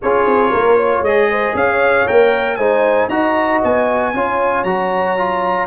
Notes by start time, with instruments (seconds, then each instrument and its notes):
0.01 tuba C#4, trombone F4, horn G#4, trumpet C#5
0.26 tuba C4
0.50 tuba A#3, horn A#4
0.76 horn C#5
1.01 tuba G#3, trombone G#4, trumpet D#5
1.30 horn C5
1.54 tuba C#4, horn C#5, trumpet F5
2.07 tuba A#3, trombone A#4, trumpet G5
2.56 tuba G#3, trombone D#4, horn C5, trumpet G#5
3.08 tuba D#4, trombone F#4, horn D#5, trumpet A#5
3.63 tuba B3, trumpet G#5
4.13 tuba C#4, trombone F4, horn C#5
4.64 tuba F#3, trombone F#4, trumpet A#5
5.17 trombone F4